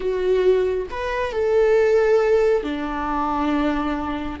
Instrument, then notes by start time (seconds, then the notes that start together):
viola
0.00 F#4
0.90 B4
1.32 A4
2.63 D4